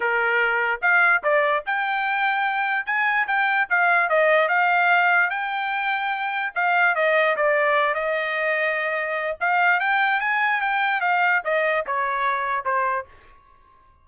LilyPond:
\new Staff \with { instrumentName = "trumpet" } { \time 4/4 \tempo 4 = 147 ais'2 f''4 d''4 | g''2. gis''4 | g''4 f''4 dis''4 f''4~ | f''4 g''2. |
f''4 dis''4 d''4. dis''8~ | dis''2. f''4 | g''4 gis''4 g''4 f''4 | dis''4 cis''2 c''4 | }